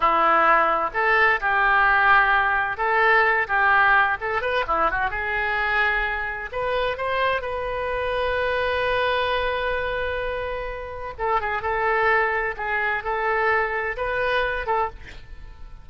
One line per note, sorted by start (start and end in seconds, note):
0.00 0.90 E4
0.93 1.40 A4
1.40 2.77 G4
2.77 3.47 A4
3.47 4.17 G4
4.20 4.41 A4
4.41 4.64 B4
4.67 4.90 E4
4.90 5.10 F#4
5.10 6.50 G#4
6.51 6.97 B4
6.97 7.41 C5
7.41 11.13 B4
11.18 11.41 A4
11.41 11.62 G#4
11.62 12.55 A4
12.57 13.03 G#4
13.03 13.96 A4
13.97 14.66 B4
14.66 14.89 A4